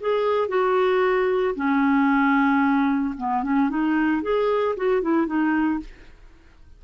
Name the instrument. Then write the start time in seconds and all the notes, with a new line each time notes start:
clarinet
0.00 G#4
0.48 F#4
1.55 C#4
3.17 B3
3.43 C#4
3.69 D#4
4.22 G#4
4.76 F#4
5.02 E4
5.27 D#4